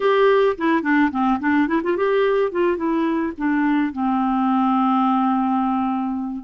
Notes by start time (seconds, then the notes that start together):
0.00 G4
0.57 E4
0.82 D4
1.11 C4
1.39 D4
1.67 E4
1.83 F4
1.96 G4
2.51 F4
2.76 E4
3.37 D4
3.92 C4